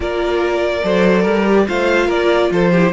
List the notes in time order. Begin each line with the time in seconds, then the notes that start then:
0.00 A#3 F4 A#4 D5
0.82 F#3 A4 C5
1.22 G3 A#4
1.44 G4
1.67 A3 F4 C5 F5
2.06 A#3 A#4 D5
2.51 F3 A4 C5
2.71 E4 G4